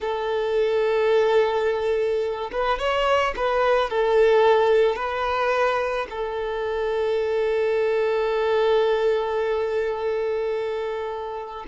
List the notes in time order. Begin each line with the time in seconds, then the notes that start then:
0.01 A4
2.52 B4
2.79 C#5
3.36 B4
3.89 A4
4.95 B4
6.10 A4